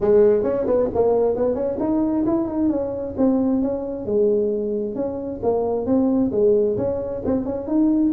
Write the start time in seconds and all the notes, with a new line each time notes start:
0.00 G#3
0.43 C#4
0.66 B3
0.94 A#3
1.35 B3
1.55 C#4
1.79 D#4
2.26 E4
2.47 D#4
2.69 C#4
3.17 C4
3.62 C#4
4.05 G#3
4.95 C#4
5.42 A#3
5.86 C4
6.31 G#3
6.77 C#4
7.25 C4
7.45 C#4
7.67 D#4